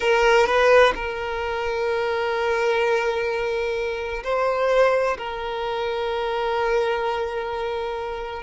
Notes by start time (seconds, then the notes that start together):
0.00 A#4
0.46 B4
0.95 A#4
4.23 C5
5.17 A#4